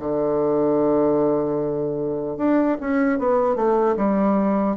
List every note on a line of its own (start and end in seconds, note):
0.00 2.38 D3
2.38 2.78 D4
2.81 3.19 C#4
3.19 3.56 B3
3.56 3.96 A3
3.97 4.77 G3